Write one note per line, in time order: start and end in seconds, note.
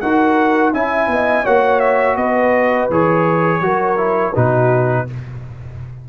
0.00 0.73 D#4
0.00 0.73 F#4
0.00 0.72 A#4
0.00 0.72 F#5
0.72 1.07 C#4
0.72 1.45 E4
0.72 1.08 E5
0.72 1.45 G#5
1.07 1.43 B3
1.07 1.44 D#5
1.44 2.16 A#3
1.44 2.90 F#4
1.44 2.16 C#5
1.44 1.79 F#5
1.79 2.16 E5
2.16 2.88 B3
2.16 3.61 B4
2.16 2.89 D#5
2.89 3.60 E3
2.89 3.62 G#4
2.89 4.36 C#5
3.60 4.33 F#3
3.60 3.97 F#4
3.60 4.33 A#4
3.97 4.33 E4
4.33 5.08 B2
4.33 5.07 D#4
4.33 5.05 F#4
4.33 5.08 B4